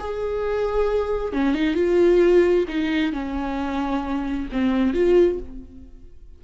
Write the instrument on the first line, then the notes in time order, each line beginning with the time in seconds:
viola
0.00 G#4
1.33 C#4
1.55 D#4
1.75 F4
2.68 D#4
3.13 C#4
4.52 C4
4.94 F4